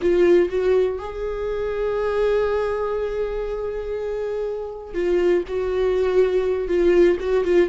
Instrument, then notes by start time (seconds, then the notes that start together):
viola
0.01 F4
0.49 F#4
0.98 G#4
4.94 F4
5.47 F#4
6.67 F4
7.19 F#4
7.44 F4